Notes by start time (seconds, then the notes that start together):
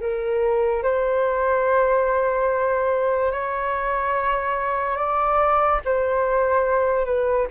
0.00 A#4
0.83 C5
3.32 C#5
4.97 D5
5.84 C5
7.05 B4